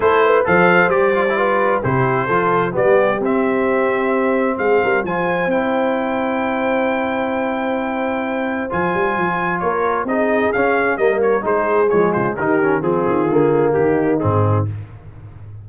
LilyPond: <<
  \new Staff \with { instrumentName = "trumpet" } { \time 4/4 \tempo 4 = 131 c''4 f''4 d''2 | c''2 d''4 e''4~ | e''2 f''4 gis''4 | g''1~ |
g''2. gis''4~ | gis''4 cis''4 dis''4 f''4 | dis''8 cis''8 c''4 cis''8 c''8 ais'4 | gis'2 g'4 gis'4 | }
  \new Staff \with { instrumentName = "horn" } { \time 4/4 a'8 b'8 c''2 b'4 | g'4 a'4 g'2~ | g'2 gis'8 ais'8 c''4~ | c''1~ |
c''1~ | c''4 ais'4 gis'2 | ais'4 gis'4. f'8 g'4 | f'2 dis'2 | }
  \new Staff \with { instrumentName = "trombone" } { \time 4/4 e'4 a'4 g'8 f'16 e'16 f'4 | e'4 f'4 b4 c'4~ | c'2. f'4 | e'1~ |
e'2. f'4~ | f'2 dis'4 cis'4 | ais4 dis'4 gis4 dis'8 cis'8 | c'4 ais2 c'4 | }
  \new Staff \with { instrumentName = "tuba" } { \time 4/4 a4 f4 g2 | c4 f4 g4 c'4~ | c'2 gis8 g8 f4 | c'1~ |
c'2. f8 g8 | f4 ais4 c'4 cis'4 | g4 gis4 f8 cis8 dis4 | f8 dis8 d4 dis4 gis,4 | }
>>